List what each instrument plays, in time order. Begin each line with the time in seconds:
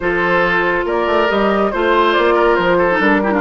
0.00 bassoon F3, clarinet F4, oboe A4, flute C5
0.85 bassoon A#3, oboe A#4, flute D5
1.07 bassoon A3
1.28 bassoon G3, clarinet G4, flute D#5
1.71 bassoon A3, clarinet F4, flute C5, oboe C5
2.12 bassoon A#3, flute D5
2.34 oboe A#4
2.55 bassoon F3, flute C5
2.78 oboe A4
2.91 clarinet D#4
2.99 bassoon G3, clarinet D4, flute A#4
3.23 clarinet E4, oboe G4
3.31 clarinet D4, oboe F4